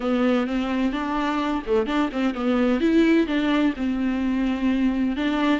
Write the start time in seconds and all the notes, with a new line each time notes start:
0.00 B3
0.46 C4
0.92 D4
1.66 A3
1.86 D4
2.12 C4
2.34 B3
2.80 E4
3.26 D4
3.76 C4
5.16 D4